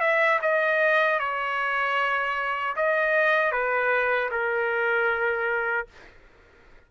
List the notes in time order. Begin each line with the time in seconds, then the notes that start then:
0.00 E5
0.41 D#5
1.19 C#5
2.76 D#5
3.51 B4
4.31 A#4